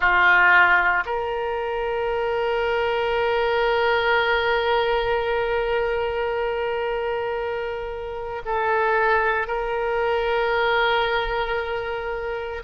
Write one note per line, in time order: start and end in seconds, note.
0.00 1.04 F4
1.05 8.42 A#4
8.45 9.47 A4
9.47 12.63 A#4